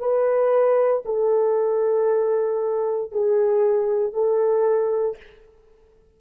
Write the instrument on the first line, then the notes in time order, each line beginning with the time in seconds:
horn
0.00 B4
1.05 A4
3.12 G#4
4.14 A4